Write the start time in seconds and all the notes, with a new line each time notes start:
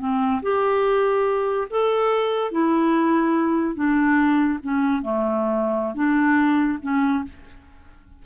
0.00 C4
0.43 G4
1.71 A4
2.52 E4
3.75 D4
4.63 C#4
5.03 A3
5.95 D4
6.83 C#4